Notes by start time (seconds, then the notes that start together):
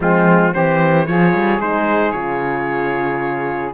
0.00 F3 G#3 C4 F4
0.53 E3 C4 G4 C5
1.06 F3 F4 G#4 C#5
1.33 G3
1.59 G#3 D#4 C5
2.11 C#3 F4 C#5